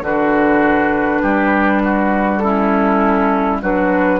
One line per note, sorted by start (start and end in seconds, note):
0.00 1.20 D3
0.00 2.41 D4
0.00 1.22 F#4
0.00 2.37 B4
1.22 3.62 G3
1.22 1.81 G4
1.83 2.42 F#4
2.37 3.62 E4
2.37 3.57 A4
2.43 3.62 C#4
3.62 4.20 F#3
3.62 4.20 D4
3.62 4.20 F#4
3.62 4.20 B4